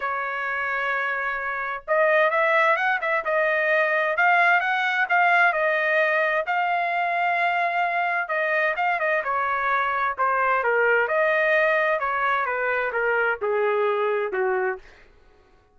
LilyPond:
\new Staff \with { instrumentName = "trumpet" } { \time 4/4 \tempo 4 = 130 cis''1 | dis''4 e''4 fis''8 e''8 dis''4~ | dis''4 f''4 fis''4 f''4 | dis''2 f''2~ |
f''2 dis''4 f''8 dis''8 | cis''2 c''4 ais'4 | dis''2 cis''4 b'4 | ais'4 gis'2 fis'4 | }